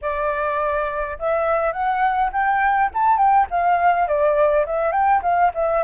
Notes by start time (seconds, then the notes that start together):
0.01 D5
1.18 E5
1.72 F#5
2.32 G5
2.94 A5
3.17 G5
3.50 F5
4.07 D5
4.65 E5
4.92 G5
5.22 F5
5.54 E5